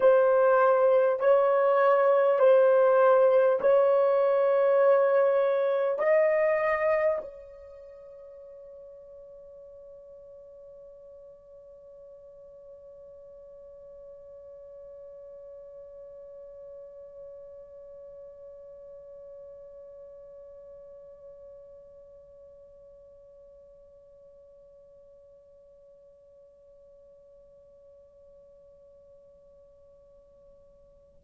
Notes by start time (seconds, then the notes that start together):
0.00 C5
1.19 C#5
2.39 C5
3.60 C#5
5.98 D#5
7.21 C#5